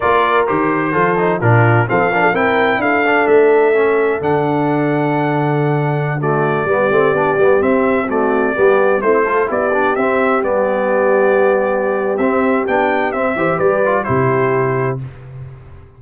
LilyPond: <<
  \new Staff \with { instrumentName = "trumpet" } { \time 4/4 \tempo 4 = 128 d''4 c''2 ais'4 | f''4 g''4 f''4 e''4~ | e''4 fis''2.~ | fis''4~ fis''16 d''2~ d''8.~ |
d''16 e''4 d''2 c''8.~ | c''16 d''4 e''4 d''4.~ d''16~ | d''2 e''4 g''4 | e''4 d''4 c''2 | }
  \new Staff \with { instrumentName = "horn" } { \time 4/4 ais'2 a'4 f'4 | a'8 ais'16 a'16 ais'4 a'2~ | a'1~ | a'4~ a'16 fis'4 g'4.~ g'16~ |
g'4~ g'16 fis'4 g'4 e'8 a'16~ | a'16 g'2.~ g'8.~ | g'1~ | g'8 c''8 b'4 g'2 | }
  \new Staff \with { instrumentName = "trombone" } { \time 4/4 f'4 g'4 f'8 dis'8 d'4 | c'8 d'8 e'4. d'4. | cis'4 d'2.~ | d'4~ d'16 a4 b8 c'8 d'8 b16~ |
b16 c'4 a4 b4 c'8 f'16~ | f'16 e'8 d'8 c'4 b4.~ b16~ | b2 c'4 d'4 | c'8 g'4 f'8 e'2 | }
  \new Staff \with { instrumentName = "tuba" } { \time 4/4 ais4 dis4 f4 ais,4 | f4 c'4 d'4 a4~ | a4 d2.~ | d2~ d16 g8 a8 b8 g16~ |
g16 c'2 g4 a8.~ | a16 b4 c'4 g4.~ g16~ | g2 c'4 b4 | c'8 e8 g4 c2 | }
>>